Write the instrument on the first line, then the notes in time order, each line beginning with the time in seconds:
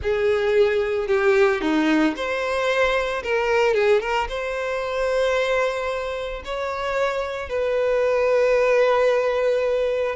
violin
0.02 G#4
1.07 G4
1.61 D#4
2.16 C5
3.23 A#4
3.74 G#4
4.00 A#4
4.28 C5
6.45 C#5
7.49 B4